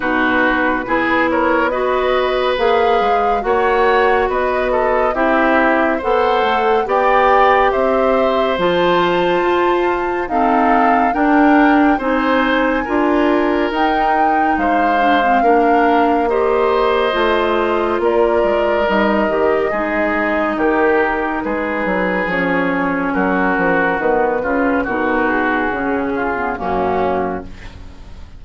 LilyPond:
<<
  \new Staff \with { instrumentName = "flute" } { \time 4/4 \tempo 4 = 70 b'4. cis''8 dis''4 f''4 | fis''4 dis''4 e''4 fis''4 | g''4 e''4 a''2 | f''4 g''4 gis''2 |
g''4 f''2 dis''4~ | dis''4 d''4 dis''2 | ais'4 b'4 cis''4 ais'4 | b'4 ais'8 gis'4. fis'4 | }
  \new Staff \with { instrumentName = "oboe" } { \time 4/4 fis'4 gis'8 ais'8 b'2 | cis''4 b'8 a'8 g'4 c''4 | d''4 c''2. | a'4 ais'4 c''4 ais'4~ |
ais'4 c''4 ais'4 c''4~ | c''4 ais'2 gis'4 | g'4 gis'2 fis'4~ | fis'8 f'8 fis'4. f'8 cis'4 | }
  \new Staff \with { instrumentName = "clarinet" } { \time 4/4 dis'4 e'4 fis'4 gis'4 | fis'2 e'4 a'4 | g'2 f'2 | c'4 d'4 dis'4 f'4 |
dis'4. d'16 c'16 d'4 g'4 | f'2 dis'8 g'8 dis'4~ | dis'2 cis'2 | b8 cis'8 dis'4 cis'8. b16 ais4 | }
  \new Staff \with { instrumentName = "bassoon" } { \time 4/4 b,4 b2 ais8 gis8 | ais4 b4 c'4 b8 a8 | b4 c'4 f4 f'4 | dis'4 d'4 c'4 d'4 |
dis'4 gis4 ais2 | a4 ais8 gis8 g8 dis8 gis4 | dis4 gis8 fis8 f4 fis8 f8 | dis8 cis8 b,4 cis4 fis,4 | }
>>